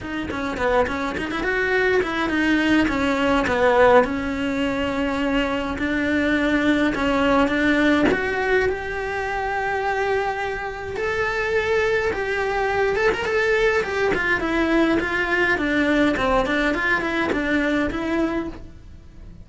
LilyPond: \new Staff \with { instrumentName = "cello" } { \time 4/4 \tempo 4 = 104 dis'8 cis'8 b8 cis'8 dis'16 e'16 fis'4 e'8 | dis'4 cis'4 b4 cis'4~ | cis'2 d'2 | cis'4 d'4 fis'4 g'4~ |
g'2. a'4~ | a'4 g'4. a'16 ais'16 a'4 | g'8 f'8 e'4 f'4 d'4 | c'8 d'8 f'8 e'8 d'4 e'4 | }